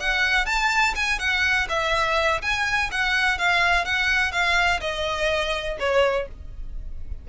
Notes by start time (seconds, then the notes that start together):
0.00 F#5
0.46 A5
0.96 G#5
1.19 F#5
1.69 E5
2.42 G#5
2.92 F#5
3.38 F5
3.85 F#5
4.32 F5
4.81 D#5
5.80 C#5